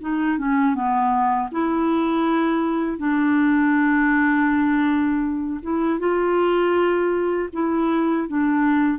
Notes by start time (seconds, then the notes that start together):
0.00 D#4
0.38 C#4
0.74 B3
1.51 E4
2.97 D4
5.62 E4
5.99 F4
7.52 E4
8.28 D4